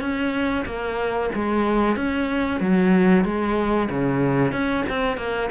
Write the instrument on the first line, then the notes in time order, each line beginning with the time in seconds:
cello
0.00 C#4
0.65 A#3
1.35 G#3
1.96 C#4
2.60 F#3
3.24 G#3
3.89 C#3
4.52 C#4
4.89 C4
5.17 A#3